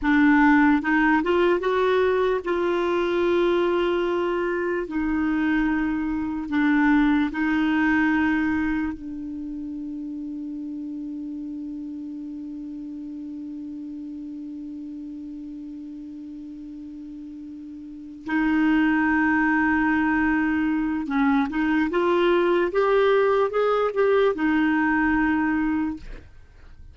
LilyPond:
\new Staff \with { instrumentName = "clarinet" } { \time 4/4 \tempo 4 = 74 d'4 dis'8 f'8 fis'4 f'4~ | f'2 dis'2 | d'4 dis'2 d'4~ | d'1~ |
d'1~ | d'2~ d'8 dis'4.~ | dis'2 cis'8 dis'8 f'4 | g'4 gis'8 g'8 dis'2 | }